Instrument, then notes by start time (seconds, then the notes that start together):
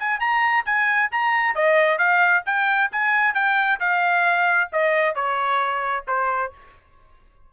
trumpet
0.00 G#5
0.20 A#5
0.66 G#5
1.12 A#5
1.55 D#5
1.99 F5
2.46 G5
2.92 G#5
3.35 G5
3.80 F5
4.72 D#5
5.15 C#5
6.08 C5